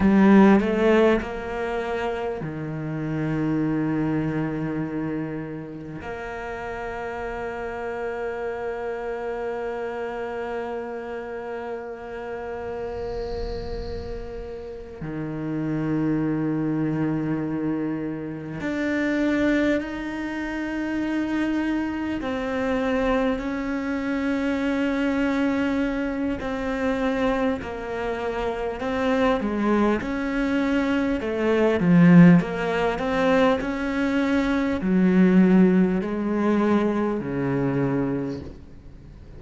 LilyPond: \new Staff \with { instrumentName = "cello" } { \time 4/4 \tempo 4 = 50 g8 a8 ais4 dis2~ | dis4 ais2.~ | ais1~ | ais8 dis2. d'8~ |
d'8 dis'2 c'4 cis'8~ | cis'2 c'4 ais4 | c'8 gis8 cis'4 a8 f8 ais8 c'8 | cis'4 fis4 gis4 cis4 | }